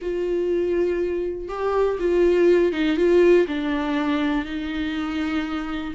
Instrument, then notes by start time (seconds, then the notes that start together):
viola
0.01 F4
1.48 G4
1.99 F4
2.72 D#4
2.96 F4
3.47 D4
4.45 D#4